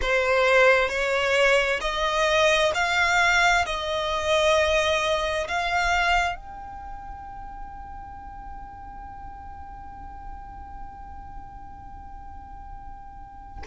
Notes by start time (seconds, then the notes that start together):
0.01 C5
0.89 C#5
1.81 D#5
2.74 F5
3.65 D#5
5.48 F5
6.35 G5